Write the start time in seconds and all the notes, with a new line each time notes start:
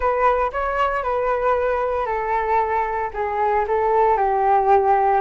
0.00 B4
0.52 C#5
1.03 B4
2.05 A4
3.13 G#4
3.67 A4
4.17 G4